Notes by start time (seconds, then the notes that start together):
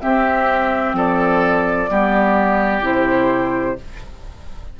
0.00 C4 G4 E5
0.94 F3 A4 D5
1.89 G3 B3 G4
2.82 C3 E4 C5